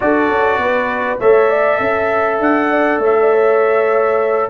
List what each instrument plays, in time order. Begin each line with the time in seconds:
0.00 tuba D4, trombone F#4, horn A4, trumpet D5
0.29 tuba C#4
0.58 tuba B3, horn B4
1.20 tuba A3, trombone A4, horn C#5, trumpet E5
1.50 horn D5
1.77 tuba C#4, horn E5
2.40 tuba D4, trumpet F#5
2.70 horn D5
2.98 tuba A3, horn C#5, trumpet E5
3.19 horn D5
3.31 horn C#5